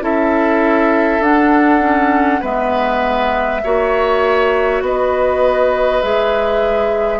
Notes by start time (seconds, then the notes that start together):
0.00 C#4 E4 A4 E5
1.20 D4 F#5
1.80 C#4
2.40 G#3 B3 B4 E5
3.63 A#3 F#4 C#5
4.81 B3 B4 D#5
6.02 G#3 G#4 E5